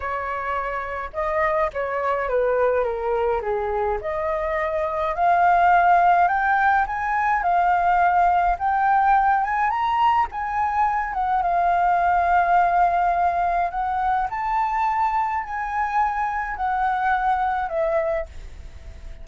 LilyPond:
\new Staff \with { instrumentName = "flute" } { \time 4/4 \tempo 4 = 105 cis''2 dis''4 cis''4 | b'4 ais'4 gis'4 dis''4~ | dis''4 f''2 g''4 | gis''4 f''2 g''4~ |
g''8 gis''8 ais''4 gis''4. fis''8 | f''1 | fis''4 a''2 gis''4~ | gis''4 fis''2 e''4 | }